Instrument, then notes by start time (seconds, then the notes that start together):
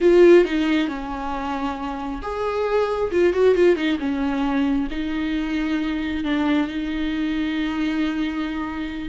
viola
0.01 F4
0.44 D#4
0.88 C#4
2.22 G#4
3.11 F4
3.33 F#4
3.54 F4
3.76 D#4
3.99 C#4
4.90 D#4
6.23 D4
6.67 D#4